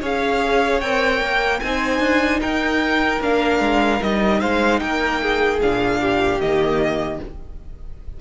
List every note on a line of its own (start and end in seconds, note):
0.00 0.82 C#4
0.00 0.82 G#4
0.00 1.60 C#5
0.00 0.80 F5
0.80 1.21 C4
0.80 1.63 A#4
0.80 1.60 G5
1.21 1.61 A#3
1.60 2.00 C4
1.60 3.22 D#4
1.60 2.40 C5
1.60 2.40 G#5
2.00 2.40 D4
2.40 3.21 D#4
2.40 4.40 A#4
2.40 3.21 G5
3.21 3.60 A#3
3.21 4.00 D4
3.21 4.03 F5
3.60 4.00 G#3
4.00 4.42 G3
4.00 5.60 D#4
4.00 4.41 D#5
4.40 4.81 G#3
4.40 4.80 C5
4.40 4.79 F5
4.79 5.61 A#3
4.79 5.21 A#4
4.79 5.59 G5
5.22 6.01 G#4
5.62 6.39 A#2
5.62 6.41 D4
5.62 6.40 F5
6.01 7.21 G4
6.39 7.19 D#3
6.39 7.21 A#3
6.39 7.20 D#5